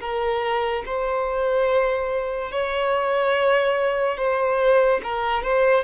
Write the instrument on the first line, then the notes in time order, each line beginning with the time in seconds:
violin
0.00 A#4
0.86 C5
2.52 C#5
4.17 C5
5.03 A#4
5.43 C5